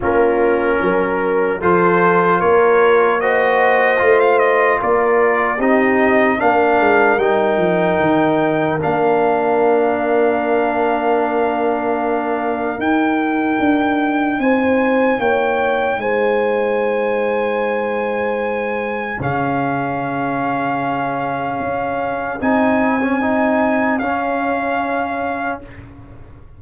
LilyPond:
<<
  \new Staff \with { instrumentName = "trumpet" } { \time 4/4 \tempo 4 = 75 ais'2 c''4 cis''4 | dis''4~ dis''16 f''16 dis''8 d''4 dis''4 | f''4 g''2 f''4~ | f''1 |
g''2 gis''4 g''4 | gis''1 | f''1 | gis''2 f''2 | }
  \new Staff \with { instrumentName = "horn" } { \time 4/4 f'4 ais'4 a'4 ais'4 | c''2 ais'4 g'4 | ais'1~ | ais'1~ |
ais'2 c''4 cis''4 | c''1 | gis'1~ | gis'1 | }
  \new Staff \with { instrumentName = "trombone" } { \time 4/4 cis'2 f'2 | fis'4 f'2 dis'4 | d'4 dis'2 d'4~ | d'1 |
dis'1~ | dis'1 | cis'1 | dis'8. cis'16 dis'4 cis'2 | }
  \new Staff \with { instrumentName = "tuba" } { \time 4/4 ais4 fis4 f4 ais4~ | ais4 a4 ais4 c'4 | ais8 gis8 g8 f8 dis4 ais4~ | ais1 |
dis'4 d'4 c'4 ais4 | gis1 | cis2. cis'4 | c'2 cis'2 | }
>>